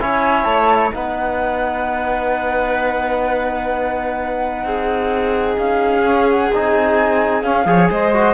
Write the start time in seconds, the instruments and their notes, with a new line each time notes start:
0.00 cello C#4, trombone E4, violin C#5, flute G#5
0.45 cello A3, flute A5
0.92 cello B3, trombone D#4, violin B4, flute F#5
4.64 cello C4, violin G#4
5.59 cello C#4, flute F5
6.05 trombone C#4
6.30 flute F#5
6.53 cello C4, trombone D#4, flute G#5
7.42 cello C#4, trombone C#4, flute F5
7.66 cello F3, trombone G#4, violin C#5
7.91 cello G#3, violin C5, flute D#5
8.13 trombone F#4